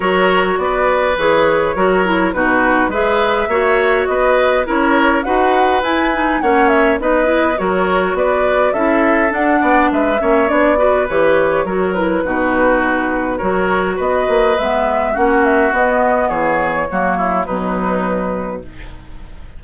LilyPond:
<<
  \new Staff \with { instrumentName = "flute" } { \time 4/4 \tempo 4 = 103 cis''4 d''4 cis''2 | b'4 e''2 dis''4 | cis''4 fis''4 gis''4 fis''8 e''8 | dis''4 cis''4 d''4 e''4 |
fis''4 e''4 d''4 cis''4~ | cis''8 b'2~ b'8 cis''4 | dis''4 e''4 fis''8 e''8 dis''4 | cis''2 b'2 | }
  \new Staff \with { instrumentName = "oboe" } { \time 4/4 ais'4 b'2 ais'4 | fis'4 b'4 cis''4 b'4 | ais'4 b'2 cis''4 | b'4 ais'4 b'4 a'4~ |
a'8 d''8 b'8 cis''4 b'4. | ais'4 fis'2 ais'4 | b'2 fis'2 | gis'4 fis'8 e'8 dis'2 | }
  \new Staff \with { instrumentName = "clarinet" } { \time 4/4 fis'2 gis'4 fis'8 e'8 | dis'4 gis'4 fis'2 | e'4 fis'4 e'8 dis'8 cis'4 | dis'8 e'8 fis'2 e'4 |
d'4. cis'8 d'8 fis'8 g'4 | fis'8 e'8 dis'2 fis'4~ | fis'4 b4 cis'4 b4~ | b4 ais4 fis2 | }
  \new Staff \with { instrumentName = "bassoon" } { \time 4/4 fis4 b4 e4 fis4 | b,4 gis4 ais4 b4 | cis'4 dis'4 e'4 ais4 | b4 fis4 b4 cis'4 |
d'8 b8 gis8 ais8 b4 e4 | fis4 b,2 fis4 | b8 ais8 gis4 ais4 b4 | e4 fis4 b,2 | }
>>